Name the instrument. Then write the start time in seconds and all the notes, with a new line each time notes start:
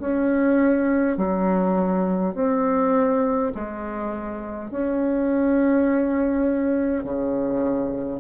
bassoon
0.00 C#4
1.17 F#3
2.35 C4
3.55 G#3
4.71 C#4
7.04 C#3